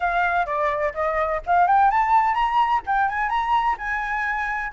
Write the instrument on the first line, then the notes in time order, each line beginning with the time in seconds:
flute
0.00 F5
0.46 D5
0.94 D#5
1.46 F5
1.67 G5
1.90 A5
2.34 A#5
2.86 G5
3.08 G#5
3.29 A#5
3.78 G#5